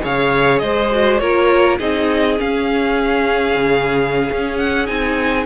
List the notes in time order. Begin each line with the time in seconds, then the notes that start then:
0.00 C#3 G#4 C#5 F5
0.59 G#3 C5 D#5
0.91 F#4
1.18 A#3 F4 A#4 C#5
1.78 C4 D#4 G#4 D#5
2.37 C#4 F5
3.55 C#3
4.31 C#4
4.58 F#5
4.86 C4 D#4 G#5